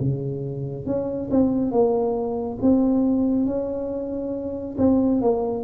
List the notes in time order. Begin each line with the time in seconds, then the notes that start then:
0.00 C#3
0.86 C#4
1.31 C4
1.72 A#3
2.62 C4
3.46 C#4
4.78 C4
5.22 A#3